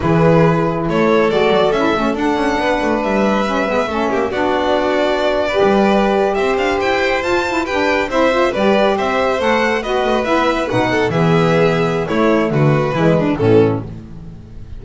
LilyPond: <<
  \new Staff \with { instrumentName = "violin" } { \time 4/4 \tempo 4 = 139 b'2 cis''4 d''4 | e''4 fis''2 e''4~ | e''2 d''2~ | d''2~ d''8. e''8 f''8 g''16~ |
g''8. a''4 g''4 e''4 d''16~ | d''8. e''4 fis''4 dis''4 e''16~ | e''8. fis''4 e''2~ e''16 | cis''4 b'2 a'4 | }
  \new Staff \with { instrumentName = "violin" } { \time 4/4 gis'2 a'2~ | a'2 b'2~ | b'4 a'8 g'8 fis'2~ | fis'8. b'2 c''4~ c''16~ |
c''4.~ c''16 b'4 c''4 b'16~ | b'8. c''2 b'4~ b'16~ | b'4~ b'16 a'8 gis'2~ gis'16 | e'4 fis'4 e'8 d'8 cis'4 | }
  \new Staff \with { instrumentName = "saxophone" } { \time 4/4 e'2. fis'4 | e'8 cis'8 d'2. | cis'8 b8 cis'4 d'2~ | d'8. g'2.~ g'16~ |
g'8. f'8 e'8 d'4 e'8 f'8 g'16~ | g'4.~ g'16 a'4 fis'4 e'16~ | e'8. dis'4 b2~ b16 | a2 gis4 e4 | }
  \new Staff \with { instrumentName = "double bass" } { \time 4/4 e2 a4 gis8 fis8 | cis'8 a8 d'8 cis'8 b8 a8 g4~ | g8 gis8 a8 ais8 b2~ | b4 g4.~ g16 c'8 d'8 e'16~ |
e'8. f'4 g'4 c'4 g16~ | g8. c'4 a4 b8 a8 b16~ | b8. b,4 e2~ e16 | a4 d4 e4 a,4 | }
>>